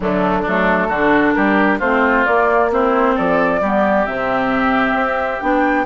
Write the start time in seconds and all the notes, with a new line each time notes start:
0.00 D3 F#3 A3 D4
0.42 F#3 A3 D4 A4
0.88 D3 D4 F#4
1.32 G3 G4 A#4
1.79 A3 C4 F4 C5
2.25 A#3 D5
2.71 C4 E4 C5
3.15 F3 A4 D5
3.60 G3 B3 G4
4.06 C3 C4 E5
4.93 C4
5.40 B3 D4 G5